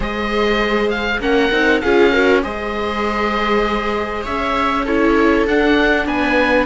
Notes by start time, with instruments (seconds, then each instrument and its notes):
0.00 cello G#3, viola G#4 C5, oboe D#5
0.90 oboe F5
1.19 cello A#3, viola C#4 A#4, oboe F#5
1.51 cello C4, viola D#4
1.81 cello C#4, viola F4 G#4, oboe F5
2.12 viola F#4 A#4
2.42 cello G#3, viola G#4 C5, oboe D#5
4.23 cello C#4, viola C#5, oboe E5
4.84 viola E4 A4, oboe C#5
5.46 cello D4, viola D4, oboe F#5
6.06 cello B3, viola B4, oboe G#5